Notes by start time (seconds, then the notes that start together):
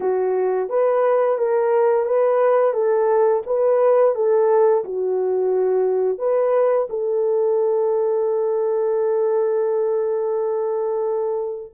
0.00 F#4
0.69 B4
1.38 A#4
2.05 B4
2.73 A4
3.46 B4
4.15 A4
4.84 F#4
6.18 B4
6.89 A4